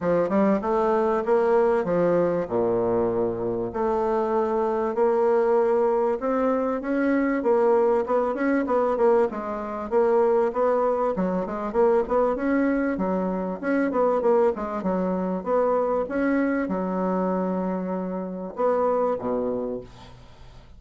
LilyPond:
\new Staff \with { instrumentName = "bassoon" } { \time 4/4 \tempo 4 = 97 f8 g8 a4 ais4 f4 | ais,2 a2 | ais2 c'4 cis'4 | ais4 b8 cis'8 b8 ais8 gis4 |
ais4 b4 fis8 gis8 ais8 b8 | cis'4 fis4 cis'8 b8 ais8 gis8 | fis4 b4 cis'4 fis4~ | fis2 b4 b,4 | }